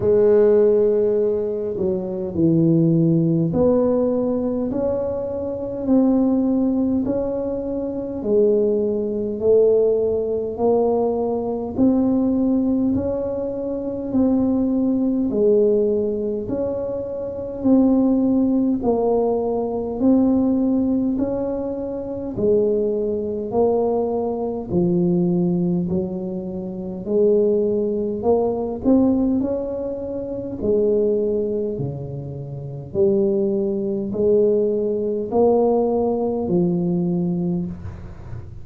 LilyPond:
\new Staff \with { instrumentName = "tuba" } { \time 4/4 \tempo 4 = 51 gis4. fis8 e4 b4 | cis'4 c'4 cis'4 gis4 | a4 ais4 c'4 cis'4 | c'4 gis4 cis'4 c'4 |
ais4 c'4 cis'4 gis4 | ais4 f4 fis4 gis4 | ais8 c'8 cis'4 gis4 cis4 | g4 gis4 ais4 f4 | }